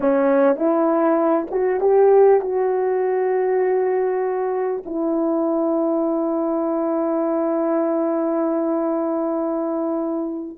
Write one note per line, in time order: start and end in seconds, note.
0.00 0.56 C#4
0.56 1.47 E4
1.50 1.80 F#4
1.80 2.40 G4
2.40 4.83 F#4
4.85 10.58 E4